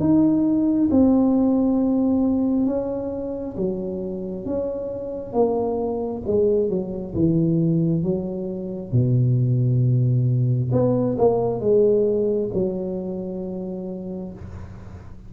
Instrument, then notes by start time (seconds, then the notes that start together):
tuba
0.00 D#4
0.91 C4
2.66 C#4
3.57 F#3
4.45 C#4
5.33 A#3
6.26 G#3
6.70 F#3
7.15 E3
8.03 F#3
8.92 B2
10.73 B3
11.18 A#3
11.61 G#3
12.54 F#3